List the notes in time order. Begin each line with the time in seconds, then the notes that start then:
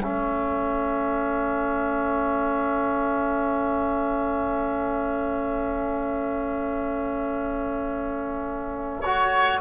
0.00 A3 C#4 A4 E5
9.01 F#4 C#5